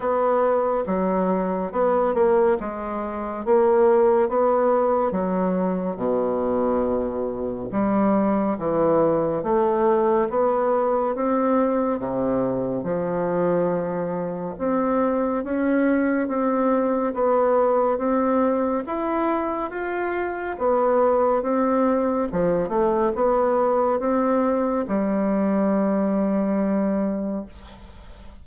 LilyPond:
\new Staff \with { instrumentName = "bassoon" } { \time 4/4 \tempo 4 = 70 b4 fis4 b8 ais8 gis4 | ais4 b4 fis4 b,4~ | b,4 g4 e4 a4 | b4 c'4 c4 f4~ |
f4 c'4 cis'4 c'4 | b4 c'4 e'4 f'4 | b4 c'4 f8 a8 b4 | c'4 g2. | }